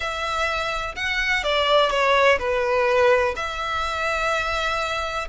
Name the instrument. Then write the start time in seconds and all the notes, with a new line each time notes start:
violin
0.00 E5
0.95 F#5
1.43 D5
1.90 C#5
2.38 B4
3.36 E5